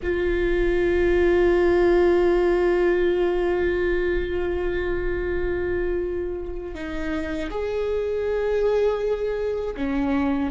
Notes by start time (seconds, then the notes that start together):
0.02 F4
6.74 D#4
7.50 G#4
9.76 C#4